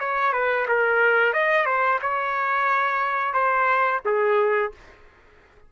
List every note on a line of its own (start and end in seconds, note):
0.00 0.33 C#5
0.33 0.67 B4
0.68 1.34 A#4
1.34 1.66 D#5
1.66 2.00 C5
2.02 3.34 C#5
3.34 4.01 C5
4.06 4.72 G#4